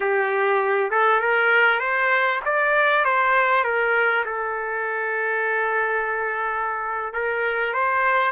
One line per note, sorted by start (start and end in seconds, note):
0.00 0.90 G4
0.90 1.20 A4
1.20 1.79 A#4
1.79 2.40 C5
2.45 3.04 D5
3.04 3.64 C5
3.64 4.24 A#4
4.25 7.13 A4
7.13 7.73 A#4
7.73 8.31 C5